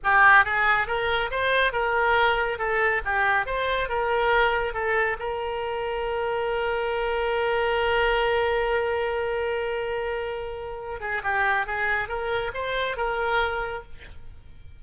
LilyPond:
\new Staff \with { instrumentName = "oboe" } { \time 4/4 \tempo 4 = 139 g'4 gis'4 ais'4 c''4 | ais'2 a'4 g'4 | c''4 ais'2 a'4 | ais'1~ |
ais'1~ | ais'1~ | ais'4. gis'8 g'4 gis'4 | ais'4 c''4 ais'2 | }